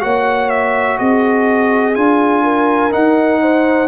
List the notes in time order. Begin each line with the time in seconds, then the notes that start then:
0.00 A#3 F#4 C#5 F#5
0.49 E5
0.98 C4 G#4 D#5
1.94 D4 F4 G#5
2.43 A#4
2.91 D#4 F#5
3.42 C5